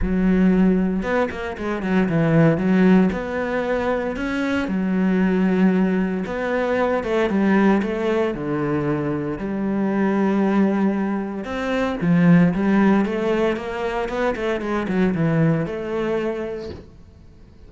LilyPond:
\new Staff \with { instrumentName = "cello" } { \time 4/4 \tempo 4 = 115 fis2 b8 ais8 gis8 fis8 | e4 fis4 b2 | cis'4 fis2. | b4. a8 g4 a4 |
d2 g2~ | g2 c'4 f4 | g4 a4 ais4 b8 a8 | gis8 fis8 e4 a2 | }